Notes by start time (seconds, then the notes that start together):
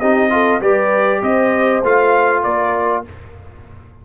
0.00 C4 D#4 G4 D#5
0.30 F4 A4
0.61 G3 G4 B4 D5
1.22 C4 C5 D#5
1.84 A3 F4 F5
2.43 A#3 A#4 D5